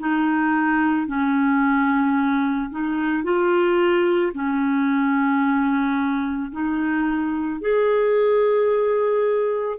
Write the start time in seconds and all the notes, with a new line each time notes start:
0.00 D#4
1.07 C#4
2.71 D#4
3.24 F4
4.34 C#4
6.52 D#4
7.61 G#4